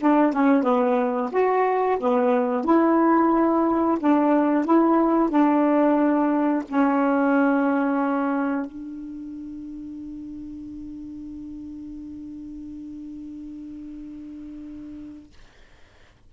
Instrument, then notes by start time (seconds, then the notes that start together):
saxophone
0.00 D4
0.32 C#4
0.63 B3
1.32 F#4
1.99 B3
2.64 E4
3.99 D4
4.65 E4
5.29 D4
6.68 C#4
8.65 D4